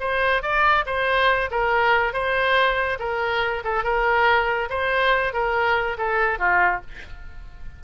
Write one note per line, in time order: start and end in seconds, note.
0.00 0.42 C5
0.42 0.85 D5
0.86 1.50 C5
1.51 2.13 A#4
2.13 2.98 C5
2.99 3.63 A#4
3.64 3.84 A4
3.84 4.69 A#4
4.70 5.33 C5
5.33 5.97 A#4
5.98 6.39 A4
6.39 6.81 F4